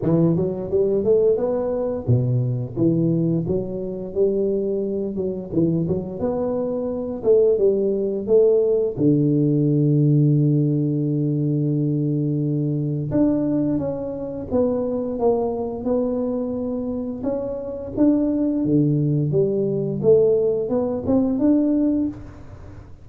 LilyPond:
\new Staff \with { instrumentName = "tuba" } { \time 4/4 \tempo 4 = 87 e8 fis8 g8 a8 b4 b,4 | e4 fis4 g4. fis8 | e8 fis8 b4. a8 g4 | a4 d2.~ |
d2. d'4 | cis'4 b4 ais4 b4~ | b4 cis'4 d'4 d4 | g4 a4 b8 c'8 d'4 | }